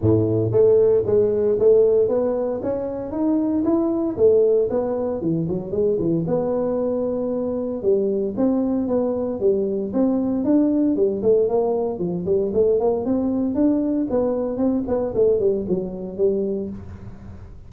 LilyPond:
\new Staff \with { instrumentName = "tuba" } { \time 4/4 \tempo 4 = 115 a,4 a4 gis4 a4 | b4 cis'4 dis'4 e'4 | a4 b4 e8 fis8 gis8 e8 | b2. g4 |
c'4 b4 g4 c'4 | d'4 g8 a8 ais4 f8 g8 | a8 ais8 c'4 d'4 b4 | c'8 b8 a8 g8 fis4 g4 | }